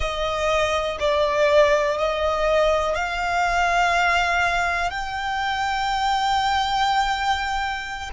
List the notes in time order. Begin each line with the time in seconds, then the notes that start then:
0.00 D#5
0.99 D5
1.98 D#5
2.95 F5
4.90 G5